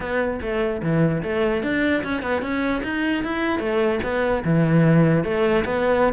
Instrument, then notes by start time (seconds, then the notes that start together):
cello
0.00 B3
0.41 A3
0.82 E3
1.22 A3
1.63 D4
2.03 C#4
2.22 B3
2.42 C#4
2.83 D#4
3.24 E4
3.59 A3
4.03 B3
4.44 E3
5.23 A3
5.64 B3